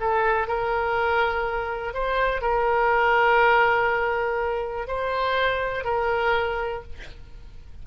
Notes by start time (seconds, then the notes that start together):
0.00 A4
0.47 A#4
1.93 C5
2.41 A#4
4.87 C5
5.84 A#4